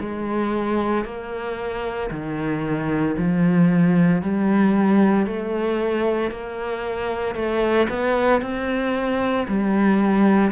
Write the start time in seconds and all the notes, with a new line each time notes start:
0.00 G#3
1.05 A#3
2.11 D#3
3.18 F3
4.22 G3
5.26 A3
6.31 A#3
7.35 A3
7.89 B3
8.42 C4
9.48 G3